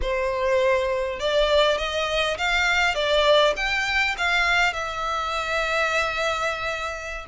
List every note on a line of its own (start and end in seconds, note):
0.01 1.19 C5
1.19 1.77 D5
1.77 2.37 D#5
2.37 2.94 F5
2.94 3.54 D5
3.56 4.15 G5
4.17 4.73 F5
4.73 7.25 E5